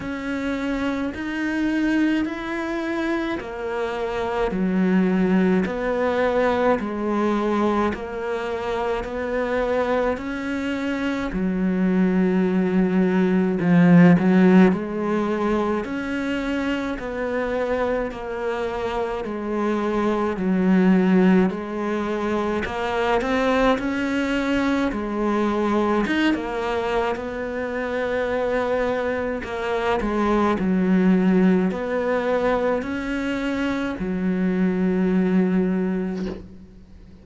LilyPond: \new Staff \with { instrumentName = "cello" } { \time 4/4 \tempo 4 = 53 cis'4 dis'4 e'4 ais4 | fis4 b4 gis4 ais4 | b4 cis'4 fis2 | f8 fis8 gis4 cis'4 b4 |
ais4 gis4 fis4 gis4 | ais8 c'8 cis'4 gis4 dis'16 ais8. | b2 ais8 gis8 fis4 | b4 cis'4 fis2 | }